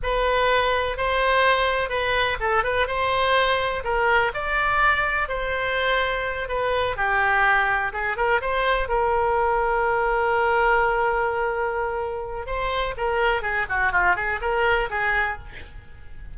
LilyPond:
\new Staff \with { instrumentName = "oboe" } { \time 4/4 \tempo 4 = 125 b'2 c''2 | b'4 a'8 b'8 c''2 | ais'4 d''2 c''4~ | c''4. b'4 g'4.~ |
g'8 gis'8 ais'8 c''4 ais'4.~ | ais'1~ | ais'2 c''4 ais'4 | gis'8 fis'8 f'8 gis'8 ais'4 gis'4 | }